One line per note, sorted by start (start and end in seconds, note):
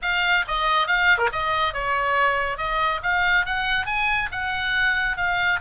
0.02 0.45 F5
0.47 0.87 D#5
0.87 1.18 F5
1.18 1.28 A#4
1.32 1.73 D#5
1.73 2.57 C#5
2.57 3.00 D#5
3.03 3.45 F5
3.45 3.86 F#5
3.86 4.29 G#5
4.31 5.16 F#5
5.16 5.60 F5